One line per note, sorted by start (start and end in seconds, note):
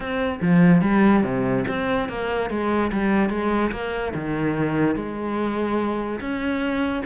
0.00 0.39 C4
0.41 0.81 F3
0.81 1.23 G3
1.23 1.64 C3
1.68 2.09 C4
2.09 2.50 A#3
2.50 2.91 G#3
2.92 3.29 G3
3.29 3.71 G#3
3.71 4.13 A#3
4.14 4.95 D#3
4.95 6.20 G#3
6.20 7.03 C#4